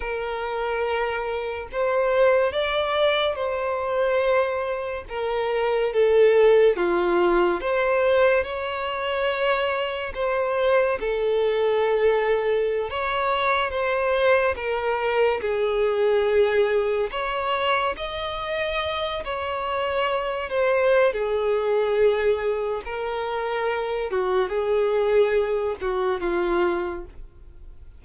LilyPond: \new Staff \with { instrumentName = "violin" } { \time 4/4 \tempo 4 = 71 ais'2 c''4 d''4 | c''2 ais'4 a'4 | f'4 c''4 cis''2 | c''4 a'2~ a'16 cis''8.~ |
cis''16 c''4 ais'4 gis'4.~ gis'16~ | gis'16 cis''4 dis''4. cis''4~ cis''16~ | cis''16 c''8. gis'2 ais'4~ | ais'8 fis'8 gis'4. fis'8 f'4 | }